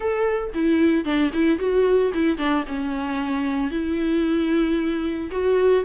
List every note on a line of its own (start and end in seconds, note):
0.00 0.53 A4
0.54 1.05 E4
1.05 1.31 D4
1.33 1.58 E4
1.58 2.11 F#4
2.14 2.37 E4
2.37 2.64 D4
2.67 3.70 C#4
3.70 5.30 E4
5.31 5.84 F#4